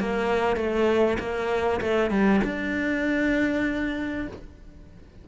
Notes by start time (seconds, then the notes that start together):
0.00 A#3
0.56 A3
1.19 A#3
1.81 A3
2.10 G3
2.44 D4